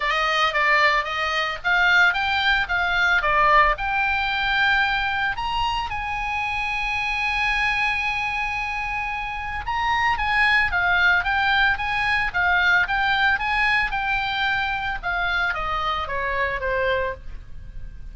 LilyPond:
\new Staff \with { instrumentName = "oboe" } { \time 4/4 \tempo 4 = 112 dis''4 d''4 dis''4 f''4 | g''4 f''4 d''4 g''4~ | g''2 ais''4 gis''4~ | gis''1~ |
gis''2 ais''4 gis''4 | f''4 g''4 gis''4 f''4 | g''4 gis''4 g''2 | f''4 dis''4 cis''4 c''4 | }